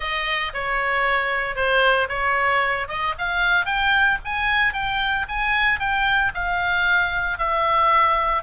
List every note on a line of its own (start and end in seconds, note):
0.00 0.52 D#5
0.53 1.55 C#5
1.55 2.08 C5
2.08 2.87 C#5
2.88 3.14 D#5
3.18 3.65 F5
3.65 4.18 G5
4.24 4.73 G#5
4.73 5.26 G5
5.28 5.79 G#5
5.79 6.32 G5
6.34 7.38 F5
7.38 8.42 E5